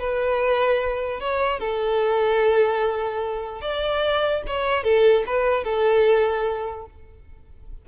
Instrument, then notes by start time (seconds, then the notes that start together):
violin
0.00 B4
1.20 C#5
1.60 A4
3.62 D5
4.47 C#5
4.84 A4
5.27 B4
5.64 A4